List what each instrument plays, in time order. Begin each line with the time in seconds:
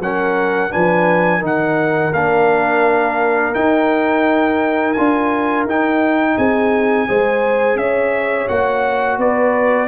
0.00 tuba F#3, trombone C#4, horn A#4, trumpet F#5
0.71 tuba F3, trombone D4, horn B4, trumpet G#5
1.39 tuba D#3, trombone D#4, horn A#4
1.46 trumpet F#5
2.13 tuba A#3, trombone D4, trumpet F5
3.55 trombone D#4, tuba D#4, trumpet G5
4.94 tuba D4, trombone F4, trumpet G#5
5.65 tuba D#4, trombone D#4, trumpet G5
6.37 tuba C4, horn G#4, trumpet G#5
7.08 tuba G#3, trombone G#4, horn C5
7.76 tuba C#4, horn C#5, trumpet E5
8.49 tuba A#3, trombone F#4, trumpet F#5
9.18 tuba B3, horn B4, trumpet D5